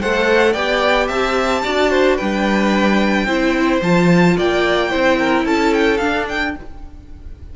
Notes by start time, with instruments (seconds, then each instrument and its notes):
0.00 cello A3, viola A4, violin C5 F#5
0.52 cello B3, viola G4, violin D5 G5
1.07 cello C4, violin E5 A5
1.63 cello D4, viola F#4, violin D5
1.90 violin C5
2.16 cello G3, viola D4, violin B4 G5
3.25 cello C4, viola E4, violin C5
3.81 cello F3, viola F4, violin A5
4.37 cello A#3, violin D5 G5
4.90 cello C4, viola E4, violin C5
5.18 violin A#4
5.44 cello C#4, violin A4 A5
5.73 violin G5
5.97 viola D4, cello D4, violin F5
6.28 violin G5